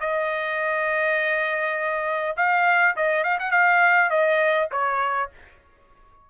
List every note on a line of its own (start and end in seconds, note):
0.00 2.35 D#5
2.36 2.95 F5
2.96 3.23 D#5
3.23 3.38 F5
3.39 3.51 F#5
3.51 4.10 F5
4.10 4.69 D#5
4.71 5.30 C#5